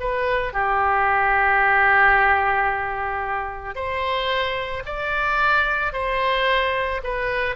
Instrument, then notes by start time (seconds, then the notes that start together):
oboe
0.00 B4
0.53 G4
3.75 C5
4.86 D5
5.93 C5
7.04 B4